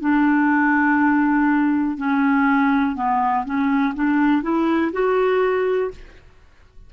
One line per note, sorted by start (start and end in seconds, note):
0.00 1.97 D4
1.97 2.95 C#4
2.95 3.44 B3
3.45 3.94 C#4
3.94 4.42 D4
4.42 4.91 E4
4.92 5.90 F#4